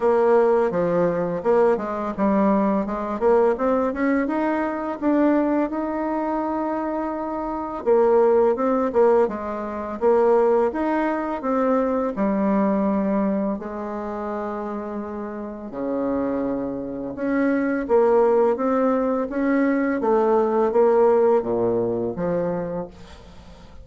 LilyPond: \new Staff \with { instrumentName = "bassoon" } { \time 4/4 \tempo 4 = 84 ais4 f4 ais8 gis8 g4 | gis8 ais8 c'8 cis'8 dis'4 d'4 | dis'2. ais4 | c'8 ais8 gis4 ais4 dis'4 |
c'4 g2 gis4~ | gis2 cis2 | cis'4 ais4 c'4 cis'4 | a4 ais4 ais,4 f4 | }